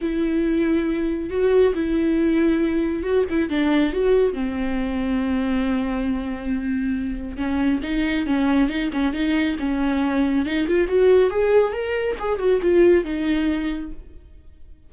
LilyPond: \new Staff \with { instrumentName = "viola" } { \time 4/4 \tempo 4 = 138 e'2. fis'4 | e'2. fis'8 e'8 | d'4 fis'4 c'2~ | c'1~ |
c'4 cis'4 dis'4 cis'4 | dis'8 cis'8 dis'4 cis'2 | dis'8 f'8 fis'4 gis'4 ais'4 | gis'8 fis'8 f'4 dis'2 | }